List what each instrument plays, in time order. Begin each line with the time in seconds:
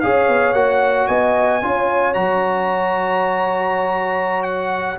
0.00 tuba C#4, trombone G#4, horn C#5, trumpet F5
0.28 tuba B3
0.53 tuba A#3, trombone F#4, trumpet F#5
1.07 tuba B3, horn D#5, trumpet G#5
1.62 tuba C#4, trombone F4, horn C#5
2.14 tuba F#3, trombone F#4, trumpet A#5
4.43 trumpet F#5